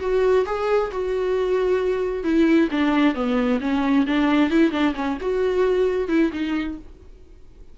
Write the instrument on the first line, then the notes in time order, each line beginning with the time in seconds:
viola
0.00 F#4
0.46 G#4
0.91 F#4
2.24 E4
2.71 D4
3.15 B3
3.61 C#4
4.06 D4
4.50 E4
4.72 D4
4.95 C#4
5.21 F#4
6.08 E4
6.33 D#4